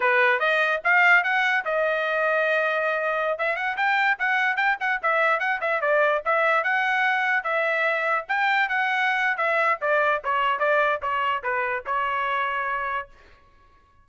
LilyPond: \new Staff \with { instrumentName = "trumpet" } { \time 4/4 \tempo 4 = 147 b'4 dis''4 f''4 fis''4 | dis''1~ | dis''16 e''8 fis''8 g''4 fis''4 g''8 fis''16~ | fis''16 e''4 fis''8 e''8 d''4 e''8.~ |
e''16 fis''2 e''4.~ e''16~ | e''16 g''4 fis''4.~ fis''16 e''4 | d''4 cis''4 d''4 cis''4 | b'4 cis''2. | }